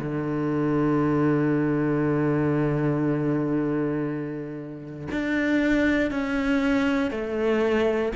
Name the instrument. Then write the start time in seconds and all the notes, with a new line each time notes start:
cello
0.00 D3
5.12 D4
6.11 C#4
7.11 A3